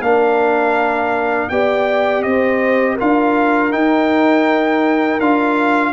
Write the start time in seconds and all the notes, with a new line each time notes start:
0.00 A#3 D4 A#4 F5
1.49 B3 G4 D5 G5
2.23 C4 C5 D#5
2.95 F4 A#4 F5
3.02 D4
3.72 D#4 G5
5.21 D4 F4 F5